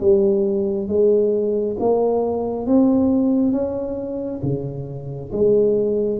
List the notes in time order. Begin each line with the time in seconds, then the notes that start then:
0.00 G3
0.88 G#3
1.79 A#3
2.66 C4
3.52 C#4
4.42 C#3
5.32 G#3